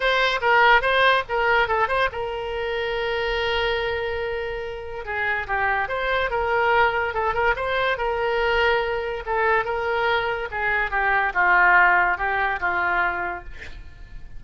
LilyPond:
\new Staff \with { instrumentName = "oboe" } { \time 4/4 \tempo 4 = 143 c''4 ais'4 c''4 ais'4 | a'8 c''8 ais'2.~ | ais'1 | gis'4 g'4 c''4 ais'4~ |
ais'4 a'8 ais'8 c''4 ais'4~ | ais'2 a'4 ais'4~ | ais'4 gis'4 g'4 f'4~ | f'4 g'4 f'2 | }